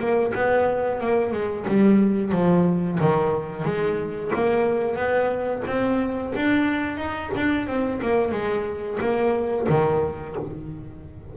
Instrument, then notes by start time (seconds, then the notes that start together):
double bass
0.00 A#3
0.35 B3
1.01 A#3
1.33 G#3
1.68 G3
2.32 F3
3.01 D#3
3.65 G#3
4.35 A#3
4.96 B3
5.67 C4
6.36 D4
6.98 D#4
7.36 D4
7.68 C4
8.03 A#3
8.32 G#3
9.01 A#3
9.70 D#3